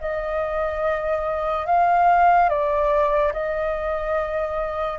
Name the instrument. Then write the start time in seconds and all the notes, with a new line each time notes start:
flute
0.00 D#5
1.66 F5
2.49 D5
3.32 D#5